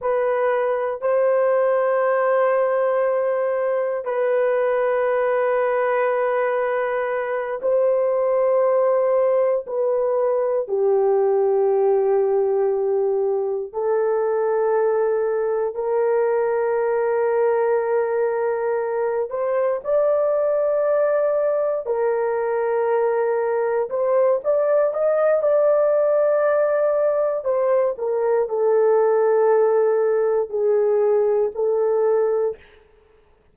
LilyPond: \new Staff \with { instrumentName = "horn" } { \time 4/4 \tempo 4 = 59 b'4 c''2. | b'2.~ b'8 c''8~ | c''4. b'4 g'4.~ | g'4. a'2 ais'8~ |
ais'2. c''8 d''8~ | d''4. ais'2 c''8 | d''8 dis''8 d''2 c''8 ais'8 | a'2 gis'4 a'4 | }